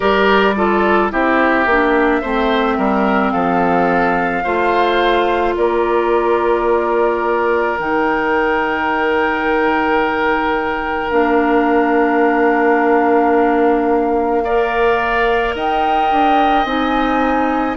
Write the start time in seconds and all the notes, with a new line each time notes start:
0.00 G3 G4 A#4 D5
0.56 F4 A4
1.09 C4 E4 G4 E5
1.66 A#3 D4
2.21 A3 C4 C5
2.77 G3 A#4
3.31 F3 A4 F5
4.43 A3 F4 C5
5.56 A#3 A#4 D5
7.79 D#3 D#4 G5
11.09 A#3 D4 F5
14.44 A#4 D5
15.54 D#4 D#5 G5
16.10 D4
16.65 C4 D#4 G#5